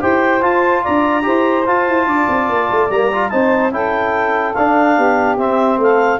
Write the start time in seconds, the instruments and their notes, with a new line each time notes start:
0.00 tuba E4, trombone G4, saxophone C5, clarinet G5
0.41 trombone F4, tuba F4, clarinet A5
0.82 tuba D4, saxophone D5, clarinet A#5
1.22 tuba E4, trombone G4, saxophone C5
1.66 trombone F4, tuba F4, clarinet A5
1.87 tuba E4
2.06 tuba D4, saxophone D5
2.29 tuba C4
2.49 tuba A#3
2.71 tuba A3
2.89 tuba G3, trombone A#3, clarinet A#5
3.12 trombone F4
3.29 tuba C4, trombone D#4, saxophone C5, clarinet A5
3.71 tuba C#4, trombone E4, saxophone A4, clarinet G5
4.53 tuba D4, trombone D4, clarinet F5
4.95 tuba B3, saxophone G4
5.37 tuba C4, trombone C4, clarinet E5
5.77 tuba A3, saxophone A4, clarinet F5